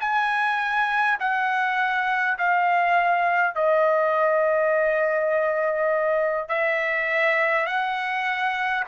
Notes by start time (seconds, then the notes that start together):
0.00 G#5
1.19 F#5
2.37 F5
3.55 D#5
6.48 E5
7.66 F#5